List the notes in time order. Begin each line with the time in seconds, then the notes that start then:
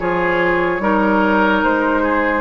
0.00 F3 F4 G#4 C#5
0.80 G3 D#4 A#4
1.64 G#3 C5
2.03 G#4